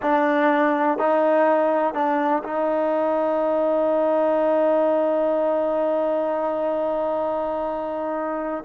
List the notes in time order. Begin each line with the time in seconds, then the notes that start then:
0.01 D4
0.98 D#4
1.94 D4
2.43 D#4